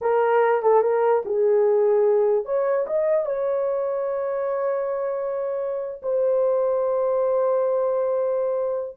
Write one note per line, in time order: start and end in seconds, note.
0.01 0.62 A#4
0.62 0.82 A4
0.82 1.22 A#4
1.25 2.45 G#4
2.45 2.86 C#5
2.86 3.25 D#5
3.25 6.01 C#5
6.02 8.97 C5